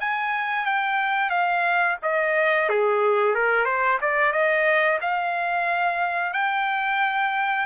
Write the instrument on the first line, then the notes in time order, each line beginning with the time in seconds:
trumpet
0.00 G#5
0.65 G5
1.30 F5
2.02 D#5
2.69 G#4
3.35 A#4
3.65 C5
4.02 D5
4.32 D#5
5.01 F5
6.33 G5